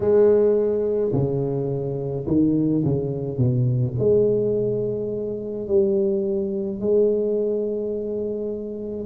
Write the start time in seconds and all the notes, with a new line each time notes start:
0.00 G#3
1.12 C#3
2.26 D#3
2.84 C#3
3.38 B2
3.99 G#3
5.67 G3
6.80 G#3